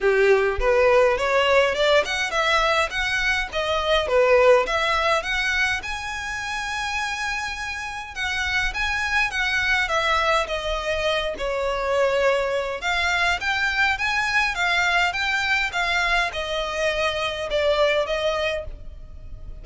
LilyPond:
\new Staff \with { instrumentName = "violin" } { \time 4/4 \tempo 4 = 103 g'4 b'4 cis''4 d''8 fis''8 | e''4 fis''4 dis''4 b'4 | e''4 fis''4 gis''2~ | gis''2 fis''4 gis''4 |
fis''4 e''4 dis''4. cis''8~ | cis''2 f''4 g''4 | gis''4 f''4 g''4 f''4 | dis''2 d''4 dis''4 | }